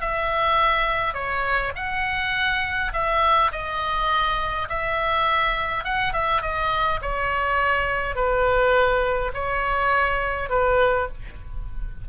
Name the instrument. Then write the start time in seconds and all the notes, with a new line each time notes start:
oboe
0.00 E5
1.14 C#5
1.75 F#5
2.93 E5
3.51 D#5
4.68 E5
5.84 F#5
6.13 E5
6.41 D#5
7.01 C#5
8.15 B4
9.34 C#5
10.49 B4